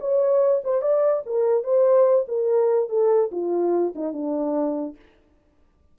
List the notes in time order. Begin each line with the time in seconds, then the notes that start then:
0.00 C#5
0.64 C5
0.82 D5
1.26 A#4
1.63 C5
2.28 A#4
2.89 A4
3.32 F4
3.95 D#4
4.13 D4